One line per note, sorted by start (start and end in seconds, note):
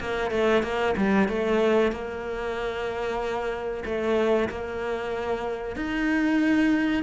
0.00 0.31 A#3
0.31 0.63 A3
0.63 0.95 A#3
0.97 1.28 G3
1.28 1.92 A3
1.92 3.84 A#3
3.85 4.49 A3
4.49 5.76 A#3
5.76 7.03 D#4